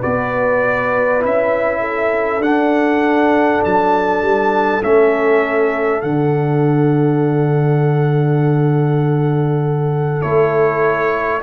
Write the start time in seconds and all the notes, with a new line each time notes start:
0.00 B3 F#4 B4 D5
1.21 C#4 E4 E5
1.80 A4
2.40 D4 F#5
3.65 F#3 A5
4.22 G3
4.83 A3 C#4 E5
6.02 D3 D4 F#5
10.21 A3 E4 C#5